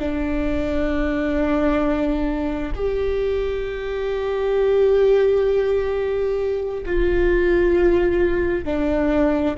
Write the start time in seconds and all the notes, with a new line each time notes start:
0.00 D4
2.75 G4
6.86 F4
8.65 D4